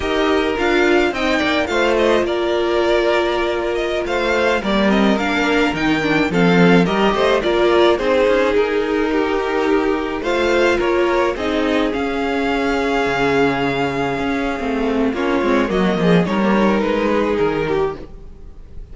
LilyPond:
<<
  \new Staff \with { instrumentName = "violin" } { \time 4/4 \tempo 4 = 107 dis''4 f''4 g''4 f''8 dis''8 | d''2~ d''8. dis''8 f''8.~ | f''16 d''8 dis''8 f''4 g''4 f''8.~ | f''16 dis''4 d''4 c''4 ais'8.~ |
ais'2~ ais'16 f''4 cis''8.~ | cis''16 dis''4 f''2~ f''8.~ | f''2. cis''4 | dis''4 cis''4 b'4 ais'4 | }
  \new Staff \with { instrumentName = "violin" } { \time 4/4 ais'2 dis''8 d''8 c''4 | ais'2.~ ais'16 c''8.~ | c''16 ais'2. a'8.~ | a'16 ais'8 c''8 ais'4 gis'4.~ gis'16~ |
gis'16 g'2 c''4 ais'8.~ | ais'16 gis'2.~ gis'8.~ | gis'2. f'4 | fis'8 gis'8 ais'4. gis'4 g'8 | }
  \new Staff \with { instrumentName = "viola" } { \time 4/4 g'4 f'4 dis'4 f'4~ | f'1~ | f'16 ais8 c'8 d'4 dis'8 d'8 c'8.~ | c'16 g'4 f'4 dis'4.~ dis'16~ |
dis'2~ dis'16 f'4.~ f'16~ | f'16 dis'4 cis'2~ cis'8.~ | cis'2 c'4 cis'8 c'8 | ais4 dis'16 ais16 dis'2~ dis'8 | }
  \new Staff \with { instrumentName = "cello" } { \time 4/4 dis'4 d'4 c'8 ais8 a4 | ais2.~ ais16 a8.~ | a16 g4 ais4 dis4 f8.~ | f16 g8 a8 ais4 c'8 cis'8 dis'8.~ |
dis'2~ dis'16 a4 ais8.~ | ais16 c'4 cis'2 cis8.~ | cis4~ cis16 cis'8. a4 ais8 gis8 | fis8 f8 g4 gis4 dis4 | }
>>